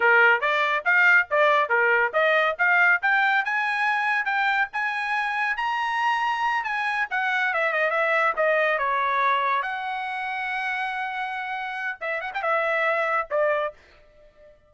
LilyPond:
\new Staff \with { instrumentName = "trumpet" } { \time 4/4 \tempo 4 = 140 ais'4 d''4 f''4 d''4 | ais'4 dis''4 f''4 g''4 | gis''2 g''4 gis''4~ | gis''4 ais''2~ ais''8 gis''8~ |
gis''8 fis''4 e''8 dis''8 e''4 dis''8~ | dis''8 cis''2 fis''4.~ | fis''1 | e''8 fis''16 g''16 e''2 d''4 | }